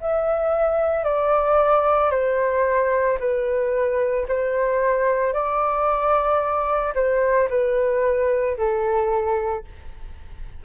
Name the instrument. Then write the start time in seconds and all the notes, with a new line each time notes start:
flute
0.00 E5
1.04 D5
2.11 C5
3.19 B4
4.28 C5
5.33 D5
6.94 C5
7.50 B4
8.57 A4